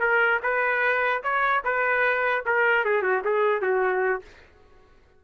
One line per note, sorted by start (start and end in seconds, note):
0.00 0.40 A#4
0.43 1.23 B4
1.23 1.63 C#5
1.64 2.44 B4
2.45 2.85 A#4
2.85 3.02 G#4
3.02 3.22 F#4
3.24 3.61 G#4
3.61 4.21 F#4